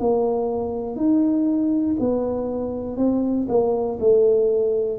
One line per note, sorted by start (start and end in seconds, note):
0.00 0.96 A#3
0.96 1.96 D#4
2.00 2.97 B3
2.97 3.47 C4
3.49 3.99 A#3
4.00 4.99 A3